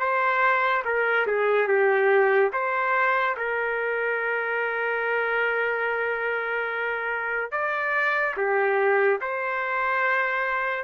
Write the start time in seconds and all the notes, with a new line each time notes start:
0.00 C5
0.86 A#4
1.27 G#4
1.68 G4
2.53 C5
3.37 A#4
7.52 D5
8.37 G4
9.22 C5